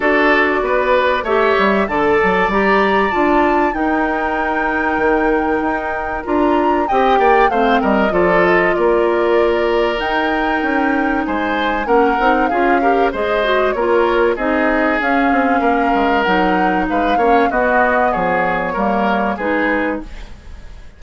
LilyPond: <<
  \new Staff \with { instrumentName = "flute" } { \time 4/4 \tempo 4 = 96 d''2 e''4 a''4 | ais''4 a''4 g''2~ | g''2 ais''4 g''4 | f''8 dis''8 d''8 dis''8 d''2 |
g''2 gis''4 fis''4 | f''4 dis''4 cis''4 dis''4 | f''2 fis''4 f''4 | dis''4 cis''2 b'4 | }
  \new Staff \with { instrumentName = "oboe" } { \time 4/4 a'4 b'4 cis''4 d''4~ | d''2 ais'2~ | ais'2. dis''8 d''8 | c''8 ais'8 a'4 ais'2~ |
ais'2 c''4 ais'4 | gis'8 ais'8 c''4 ais'4 gis'4~ | gis'4 ais'2 b'8 cis''8 | fis'4 gis'4 ais'4 gis'4 | }
  \new Staff \with { instrumentName = "clarinet" } { \time 4/4 fis'2 g'4 a'4 | g'4 f'4 dis'2~ | dis'2 f'4 g'4 | c'4 f'2. |
dis'2. cis'8 dis'8 | f'8 g'8 gis'8 fis'8 f'4 dis'4 | cis'2 dis'4. cis'8 | b2 ais4 dis'4 | }
  \new Staff \with { instrumentName = "bassoon" } { \time 4/4 d'4 b4 a8 g8 d8 fis8 | g4 d'4 dis'2 | dis4 dis'4 d'4 c'8 ais8 | a8 g8 f4 ais2 |
dis'4 cis'4 gis4 ais8 c'8 | cis'4 gis4 ais4 c'4 | cis'8 c'8 ais8 gis8 fis4 gis8 ais8 | b4 f4 g4 gis4 | }
>>